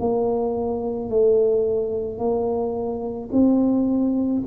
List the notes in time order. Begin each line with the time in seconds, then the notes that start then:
0.00 A#3
1.10 A3
2.19 A#3
3.32 C4